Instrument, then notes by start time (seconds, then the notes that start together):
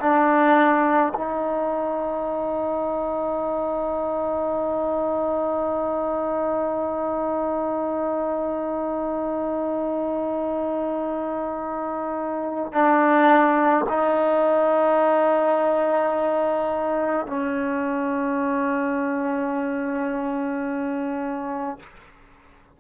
trombone
0.00 D4
1.14 D#4
12.73 D4
13.89 D#4
17.27 C#4